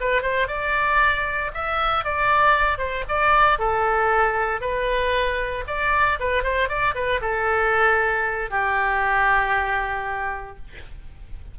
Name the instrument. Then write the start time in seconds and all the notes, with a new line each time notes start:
oboe
0.00 B4
0.22 C5
0.47 D5
1.54 E5
2.04 D5
2.78 C5
3.08 D5
3.58 A4
4.61 B4
5.67 D5
6.19 B4
6.43 C5
6.68 D5
6.94 B4
7.21 A4
8.50 G4